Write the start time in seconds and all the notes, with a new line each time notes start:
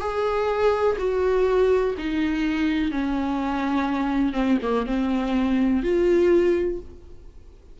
0.00 G#4
0.98 F#4
1.98 D#4
2.91 C#4
4.33 C4
4.62 A#3
4.87 C4
5.83 F4